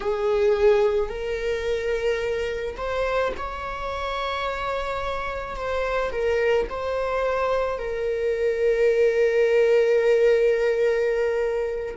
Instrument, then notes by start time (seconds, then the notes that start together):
viola
0.00 G#4
1.09 A#4
2.77 C5
3.37 C#5
5.55 C5
6.11 A#4
6.69 C5
7.78 A#4